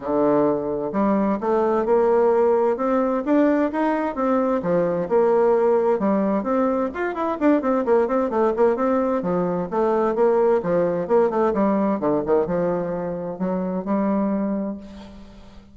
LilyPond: \new Staff \with { instrumentName = "bassoon" } { \time 4/4 \tempo 4 = 130 d2 g4 a4 | ais2 c'4 d'4 | dis'4 c'4 f4 ais4~ | ais4 g4 c'4 f'8 e'8 |
d'8 c'8 ais8 c'8 a8 ais8 c'4 | f4 a4 ais4 f4 | ais8 a8 g4 d8 dis8 f4~ | f4 fis4 g2 | }